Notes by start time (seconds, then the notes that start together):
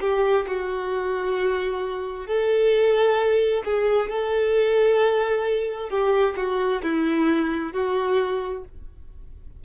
0.00 G4
0.47 F#4
2.26 A4
3.64 G#4
4.10 A4
5.89 G4
6.36 F#4
6.82 E4
7.73 F#4